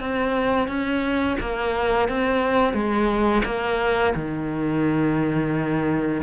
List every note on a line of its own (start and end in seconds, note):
0.00 0.68 C4
0.68 1.37 C#4
1.40 2.08 A#3
2.08 2.73 C4
2.73 3.42 G#3
3.45 4.14 A#3
4.15 6.22 D#3